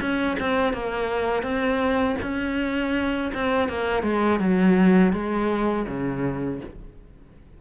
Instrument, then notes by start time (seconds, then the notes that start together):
cello
0.00 C#4
0.40 C4
0.73 A#3
1.43 C4
2.22 C#4
3.34 C4
3.69 A#3
4.03 G#3
4.39 F#3
5.13 G#3
5.87 C#3